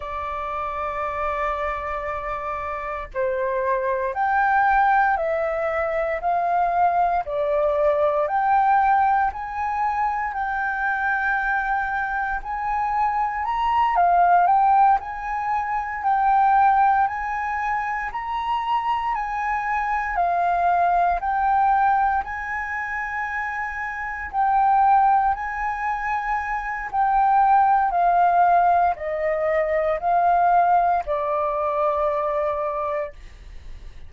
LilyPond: \new Staff \with { instrumentName = "flute" } { \time 4/4 \tempo 4 = 58 d''2. c''4 | g''4 e''4 f''4 d''4 | g''4 gis''4 g''2 | gis''4 ais''8 f''8 g''8 gis''4 g''8~ |
g''8 gis''4 ais''4 gis''4 f''8~ | f''8 g''4 gis''2 g''8~ | g''8 gis''4. g''4 f''4 | dis''4 f''4 d''2 | }